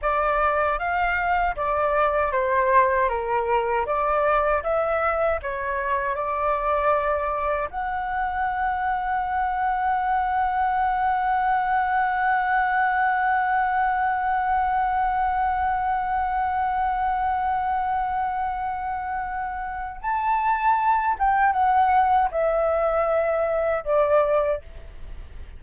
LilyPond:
\new Staff \with { instrumentName = "flute" } { \time 4/4 \tempo 4 = 78 d''4 f''4 d''4 c''4 | ais'4 d''4 e''4 cis''4 | d''2 fis''2~ | fis''1~ |
fis''1~ | fis''1~ | fis''2 a''4. g''8 | fis''4 e''2 d''4 | }